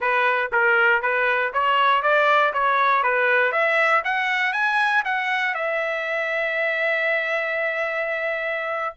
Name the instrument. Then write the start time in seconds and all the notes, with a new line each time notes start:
trumpet
0.00 B4
0.52 A#4
1.02 B4
1.53 C#5
2.02 D5
2.53 C#5
3.03 B4
3.52 E5
4.04 F#5
4.52 G#5
5.04 F#5
5.54 E5